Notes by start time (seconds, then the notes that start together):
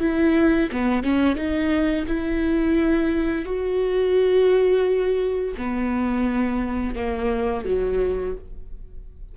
0.00 E4
0.72 B3
1.03 C#4
1.36 D#4
2.08 E4
3.45 F#4
5.58 B3
6.96 A#3
7.66 F#3